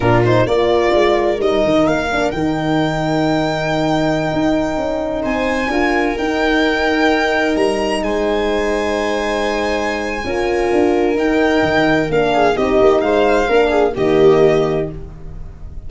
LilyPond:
<<
  \new Staff \with { instrumentName = "violin" } { \time 4/4 \tempo 4 = 129 ais'8 c''8 d''2 dis''4 | f''4 g''2.~ | g''2.~ g''16 gis''8.~ | gis''4~ gis''16 g''2~ g''8.~ |
g''16 ais''4 gis''2~ gis''8.~ | gis''1 | g''2 f''4 dis''4 | f''2 dis''2 | }
  \new Staff \with { instrumentName = "viola" } { \time 4/4 f'4 ais'2.~ | ais'1~ | ais'2.~ ais'16 c''8.~ | c''16 ais'2.~ ais'8.~ |
ais'4~ ais'16 c''2~ c''8.~ | c''2 ais'2~ | ais'2~ ais'8 gis'8 g'4 | c''4 ais'8 gis'8 g'2 | }
  \new Staff \with { instrumentName = "horn" } { \time 4/4 d'8 dis'8 f'2 dis'4~ | dis'8 d'8 dis'2.~ | dis'1~ | dis'16 f'4 dis'2~ dis'8.~ |
dis'1~ | dis'2 f'2 | dis'2 d'4 dis'4~ | dis'4 d'4 ais2 | }
  \new Staff \with { instrumentName = "tuba" } { \time 4/4 ais,4 ais4 gis4 g8 dis8 | ais4 dis2.~ | dis4~ dis16 dis'4 cis'4 c'8.~ | c'16 d'4 dis'2~ dis'8.~ |
dis'16 g4 gis2~ gis8.~ | gis2 cis'4 d'4 | dis'4 dis4 ais4 c'8 ais8 | gis4 ais4 dis2 | }
>>